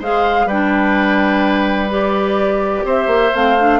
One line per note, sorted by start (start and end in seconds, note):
0.00 0.46 G#3
0.00 0.51 G#4
0.00 0.47 C5
0.00 0.49 F5
0.46 2.84 G3
0.46 1.90 D4
0.46 2.85 B4
0.46 1.91 G5
1.90 3.33 G4
1.90 2.87 D5
2.85 3.07 C4
2.85 3.80 C5
2.85 3.36 E5
3.07 3.31 A#3
3.35 3.80 A3
3.35 3.58 C4
3.35 3.80 F5
3.59 3.80 D4